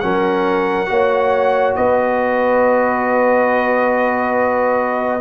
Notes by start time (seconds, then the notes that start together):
0.00 F#3 C#4 A#4 F#5
0.86 A#3 F#4 C#5
1.76 B3 B4 D#5